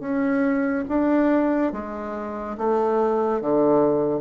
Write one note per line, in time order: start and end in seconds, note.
0.00 0.85 C#4
0.89 1.73 D4
1.73 2.57 G#3
2.58 3.41 A3
3.41 4.21 D3